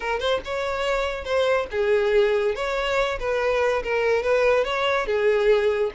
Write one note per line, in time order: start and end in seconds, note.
0.00 0.19 A#4
0.19 0.40 C5
0.44 1.24 C#5
1.24 1.66 C5
1.71 2.55 G#4
2.55 3.18 C#5
3.19 3.82 B4
3.83 4.23 A#4
4.23 4.64 B4
4.64 5.06 C#5
5.06 5.91 G#4